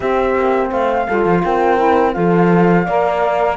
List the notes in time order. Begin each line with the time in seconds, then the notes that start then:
0.00 C4 G4 E5
0.35 A#3
0.70 A3 C5 F5
1.07 G3 F4 A4
1.25 F3
1.43 C4 A#4 G5
1.76 E4
2.12 F3 F4 A4 F5
2.85 A#3 A#4 D5